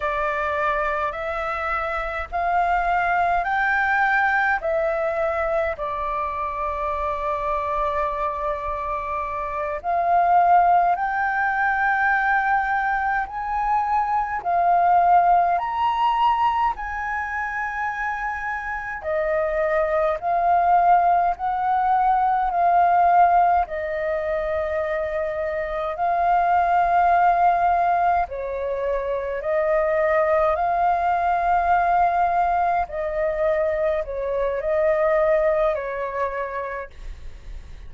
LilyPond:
\new Staff \with { instrumentName = "flute" } { \time 4/4 \tempo 4 = 52 d''4 e''4 f''4 g''4 | e''4 d''2.~ | d''8 f''4 g''2 gis''8~ | gis''8 f''4 ais''4 gis''4.~ |
gis''8 dis''4 f''4 fis''4 f''8~ | f''8 dis''2 f''4.~ | f''8 cis''4 dis''4 f''4.~ | f''8 dis''4 cis''8 dis''4 cis''4 | }